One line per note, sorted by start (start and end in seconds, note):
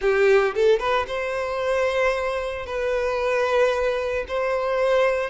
0.01 0.54 G4
0.54 0.79 A4
0.79 1.05 B4
1.07 2.65 C5
2.65 4.25 B4
4.28 5.30 C5